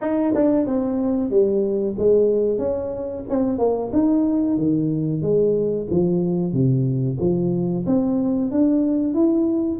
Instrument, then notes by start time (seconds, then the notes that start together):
tuba
0.01 D#4
0.34 D4
0.66 C4
1.30 G3
1.98 G#3
2.58 C#4
3.29 C4
3.58 A#3
3.92 D#4
4.57 D#3
5.22 G#3
5.90 F3
6.52 C3
7.20 F3
7.86 C4
8.51 D4
9.13 E4